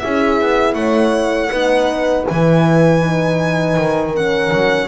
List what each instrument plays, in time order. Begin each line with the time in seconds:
0.00 double bass C#4, horn E4 G#4, violin E5
0.41 double bass B3
0.75 double bass A3, horn C#5, violin F#5
1.50 double bass B3, horn D#4 B4
2.26 double bass E3, horn E4, violin G#5
3.00 horn D#4
3.77 double bass D#3
4.12 horn C#4 A#4, violin F#5
4.53 double bass F#3